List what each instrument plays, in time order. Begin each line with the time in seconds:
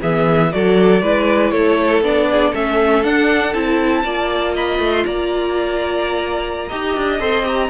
0.00 cello E3, viola B3, violin G#4 E5
0.51 cello F#3, viola F#4, violin A4 D5
1.02 cello G#3, viola E4, violin B4
1.51 cello A3, violin A4 C#5
2.01 cello B3, viola D4, violin D5
2.30 violin G#4
2.50 cello A3, viola C#4, violin A4 E5
3.03 viola D4, cello D4, violin F#5
3.53 cello C4, viola E4, violin A5
4.03 cello A#3, viola F4, violin D5
4.53 violin D#5 B5
4.78 cello A3
4.92 violin C6
5.05 cello A#3, violin D5 A#5
6.68 cello D#4, viola G4, violin D#5
6.96 cello D4
7.19 cello C4, viola A4, violin C6
7.43 viola G4, violin A#5